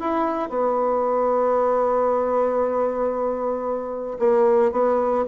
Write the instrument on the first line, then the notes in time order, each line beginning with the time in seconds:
bassoon
0.00 E4
0.49 B3
4.19 A#3
4.72 B3